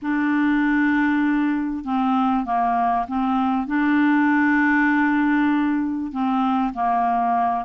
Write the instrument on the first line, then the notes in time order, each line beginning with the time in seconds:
clarinet
0.02 D4
1.84 C4
2.45 A#3
3.08 C4
3.67 D4
6.11 C4
6.73 A#3